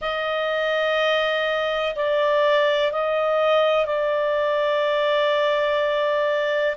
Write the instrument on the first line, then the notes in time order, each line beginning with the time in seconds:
clarinet
0.01 D#5
1.95 D5
2.92 D#5
3.85 D5